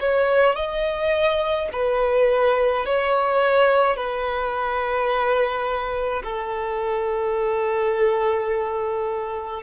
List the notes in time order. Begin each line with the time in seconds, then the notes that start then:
0.00 C#5
0.56 D#5
1.72 B4
2.86 C#5
3.97 B4
6.24 A4